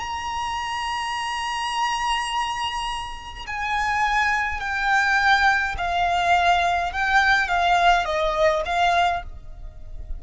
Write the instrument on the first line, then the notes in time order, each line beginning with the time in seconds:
violin
0.00 A#5
3.47 G#5
4.60 G5
5.78 F5
6.93 G5
7.48 F5
8.06 D#5
8.65 F5